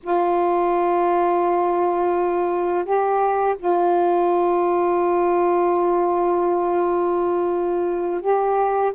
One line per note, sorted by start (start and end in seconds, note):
0.03 2.84 F4
2.84 3.56 G4
3.58 8.21 F4
8.21 8.92 G4